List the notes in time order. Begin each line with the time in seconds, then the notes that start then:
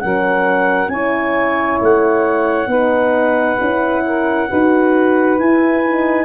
0.00 F#3 C#4 A#4 F#5
0.88 C#4 E4 C#5 G#5
1.82 A3 F#5
2.67 B3 D#4 B4
3.61 C#4 E4
4.06 A#4
4.49 D#4 F#4 B4
5.39 E4 G#5
5.85 D#4